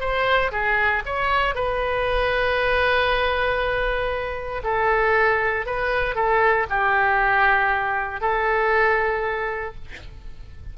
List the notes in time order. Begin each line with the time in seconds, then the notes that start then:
0.00 C5
0.52 G#4
1.06 C#5
1.55 B4
4.64 A4
5.66 B4
6.15 A4
6.70 G4
8.21 A4